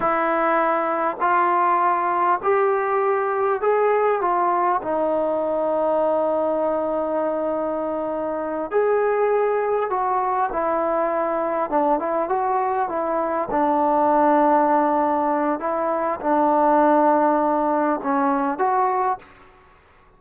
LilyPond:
\new Staff \with { instrumentName = "trombone" } { \time 4/4 \tempo 4 = 100 e'2 f'2 | g'2 gis'4 f'4 | dis'1~ | dis'2~ dis'8 gis'4.~ |
gis'8 fis'4 e'2 d'8 | e'8 fis'4 e'4 d'4.~ | d'2 e'4 d'4~ | d'2 cis'4 fis'4 | }